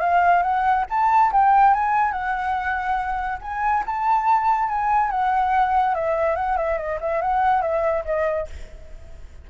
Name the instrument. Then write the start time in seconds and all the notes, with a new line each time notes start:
flute
0.00 F5
0.42 F#5
0.90 A5
1.32 G5
1.74 G#5
2.12 F#5
3.41 G#5
3.86 A5
4.68 G#5
5.10 F#5
5.94 E5
6.36 F#5
6.57 E5
6.77 D#5
7.00 E5
7.21 F#5
7.62 E5
8.05 D#5